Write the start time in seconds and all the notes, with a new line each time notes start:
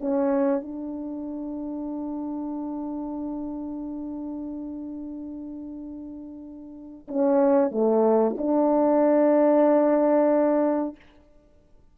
0.00 C#4
0.62 D4
7.08 C#4
7.71 A3
8.38 D4